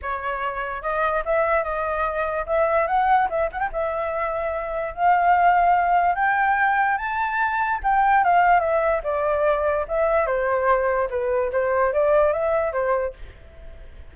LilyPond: \new Staff \with { instrumentName = "flute" } { \time 4/4 \tempo 4 = 146 cis''2 dis''4 e''4 | dis''2 e''4 fis''4 | e''8 fis''16 g''16 e''2. | f''2. g''4~ |
g''4 a''2 g''4 | f''4 e''4 d''2 | e''4 c''2 b'4 | c''4 d''4 e''4 c''4 | }